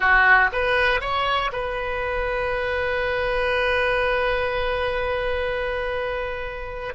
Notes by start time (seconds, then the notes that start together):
0.00 F#4
0.52 B4
1.01 C#5
1.52 B4